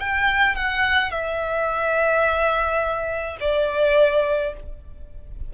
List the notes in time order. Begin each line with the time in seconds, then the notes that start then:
0.00 G5
0.56 F#5
1.11 E5
3.41 D5